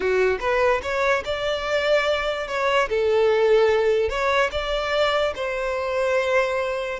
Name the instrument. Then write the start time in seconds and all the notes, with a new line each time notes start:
violin
0.00 F#4
0.40 B4
0.82 C#5
1.24 D5
2.47 C#5
2.89 A4
4.09 C#5
4.51 D5
5.35 C5